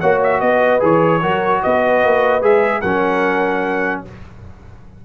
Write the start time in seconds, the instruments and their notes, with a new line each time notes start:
0.00 tuba A#3, trombone F#4, horn C#5, trumpet F#5
0.23 trumpet E5
0.40 tuba B3, horn B4, trumpet D#5
0.80 tuba E3, trombone G#4, trumpet C#5
1.22 tuba F#3, trombone F#4, horn A#4
1.63 tuba B3, horn B4, trumpet D#5
2.05 tuba A#3
2.42 tuba G#3, trombone G#4, trumpet E5
2.81 tuba F#3, trombone C#4, horn A#4, trumpet F#5